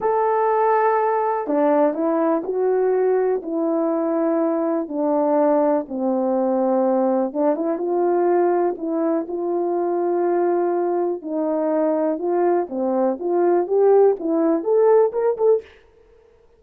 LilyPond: \new Staff \with { instrumentName = "horn" } { \time 4/4 \tempo 4 = 123 a'2. d'4 | e'4 fis'2 e'4~ | e'2 d'2 | c'2. d'8 e'8 |
f'2 e'4 f'4~ | f'2. dis'4~ | dis'4 f'4 c'4 f'4 | g'4 e'4 a'4 ais'8 a'8 | }